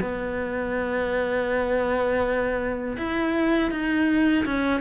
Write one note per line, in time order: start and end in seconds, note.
0.00 2.96 B3
2.97 3.70 E4
3.70 4.44 D#4
4.45 4.80 C#4